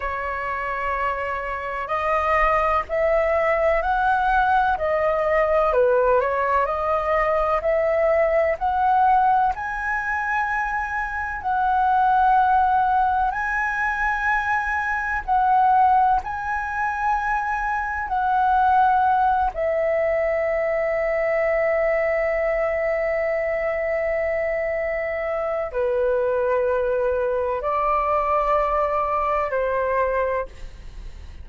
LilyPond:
\new Staff \with { instrumentName = "flute" } { \time 4/4 \tempo 4 = 63 cis''2 dis''4 e''4 | fis''4 dis''4 b'8 cis''8 dis''4 | e''4 fis''4 gis''2 | fis''2 gis''2 |
fis''4 gis''2 fis''4~ | fis''8 e''2.~ e''8~ | e''2. b'4~ | b'4 d''2 c''4 | }